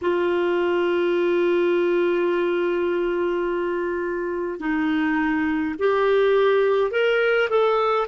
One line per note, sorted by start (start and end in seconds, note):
0.01 4.59 F4
4.59 5.75 D#4
5.78 6.91 G4
6.91 7.48 A#4
7.49 8.07 A4